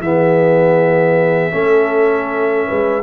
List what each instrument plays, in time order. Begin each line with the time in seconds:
0.00 tuba E3, trombone B3, horn G#4, trumpet E5
1.51 tuba A3, trombone C#4, horn A4
2.67 tuba G#3, horn B4